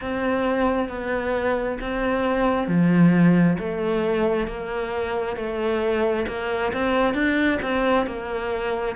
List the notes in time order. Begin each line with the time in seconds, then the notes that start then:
0.01 C4
0.88 B3
1.80 C4
2.67 F3
3.58 A3
4.47 A#3
5.36 A3
6.27 A#3
6.72 C4
7.14 D4
7.62 C4
8.06 A#3